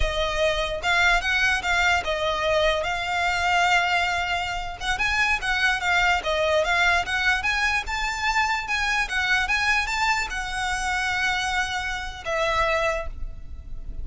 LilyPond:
\new Staff \with { instrumentName = "violin" } { \time 4/4 \tempo 4 = 147 dis''2 f''4 fis''4 | f''4 dis''2 f''4~ | f''2.~ f''8. fis''16~ | fis''16 gis''4 fis''4 f''4 dis''8.~ |
dis''16 f''4 fis''4 gis''4 a''8.~ | a''4~ a''16 gis''4 fis''4 gis''8.~ | gis''16 a''4 fis''2~ fis''8.~ | fis''2 e''2 | }